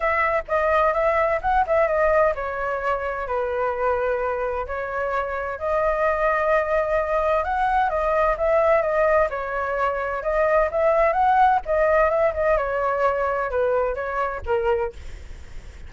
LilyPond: \new Staff \with { instrumentName = "flute" } { \time 4/4 \tempo 4 = 129 e''4 dis''4 e''4 fis''8 e''8 | dis''4 cis''2 b'4~ | b'2 cis''2 | dis''1 |
fis''4 dis''4 e''4 dis''4 | cis''2 dis''4 e''4 | fis''4 dis''4 e''8 dis''8 cis''4~ | cis''4 b'4 cis''4 ais'4 | }